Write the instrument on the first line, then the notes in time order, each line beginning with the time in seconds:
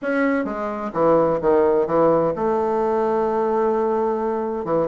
bassoon
0.02 C#4
0.44 G#3
0.93 E3
1.41 D#3
1.86 E3
2.35 A3
4.64 E3